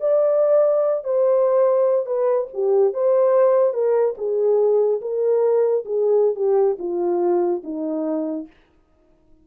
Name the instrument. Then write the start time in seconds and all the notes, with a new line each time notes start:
horn
0.00 D5
1.04 C5
2.06 B4
2.53 G4
2.93 C5
3.73 A#4
4.17 G#4
5.01 A#4
5.85 G#4
6.35 G4
6.79 F4
7.63 D#4